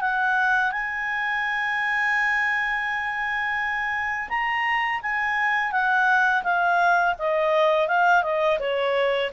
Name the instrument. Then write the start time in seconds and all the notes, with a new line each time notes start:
clarinet
0.00 F#5
0.71 G#5
4.29 A#5
5.02 G#5
5.71 F#5
6.43 F5
7.18 D#5
7.88 F5
8.23 D#5
8.59 C#5